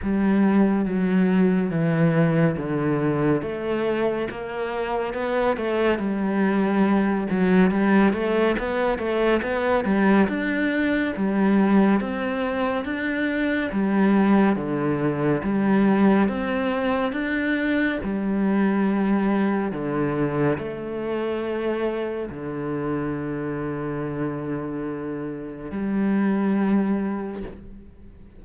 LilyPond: \new Staff \with { instrumentName = "cello" } { \time 4/4 \tempo 4 = 70 g4 fis4 e4 d4 | a4 ais4 b8 a8 g4~ | g8 fis8 g8 a8 b8 a8 b8 g8 | d'4 g4 c'4 d'4 |
g4 d4 g4 c'4 | d'4 g2 d4 | a2 d2~ | d2 g2 | }